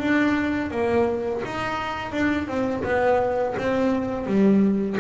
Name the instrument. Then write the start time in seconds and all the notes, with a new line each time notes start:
double bass
0.00 D4
0.71 A#3
1.46 D#4
2.13 D4
2.48 C4
2.84 B3
3.58 C4
4.27 G3